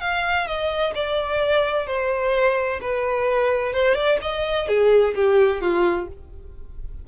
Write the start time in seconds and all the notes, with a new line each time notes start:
0.00 F5
0.46 D#5
0.95 D5
1.86 C5
2.81 B4
3.73 C5
3.95 D5
4.21 D#5
4.67 G#4
5.15 G4
5.61 F4